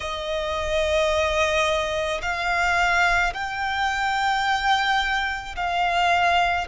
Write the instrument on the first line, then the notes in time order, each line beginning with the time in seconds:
violin
0.00 D#5
2.22 F5
3.33 G5
5.56 F5